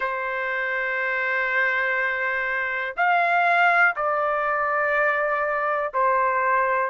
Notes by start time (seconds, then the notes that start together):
0.00 C5
2.96 F5
3.96 D5
5.93 C5